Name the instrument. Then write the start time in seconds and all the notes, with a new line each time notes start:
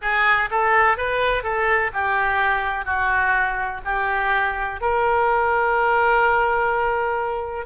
oboe
0.01 G#4
0.50 A4
0.97 B4
1.43 A4
1.93 G4
2.85 F#4
3.84 G4
4.80 A#4